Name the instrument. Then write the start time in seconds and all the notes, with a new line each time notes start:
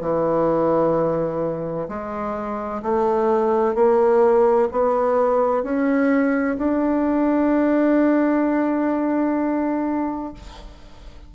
bassoon
0.00 E3
1.88 G#3
2.82 A3
3.75 A#3
4.71 B3
5.63 C#4
6.58 D4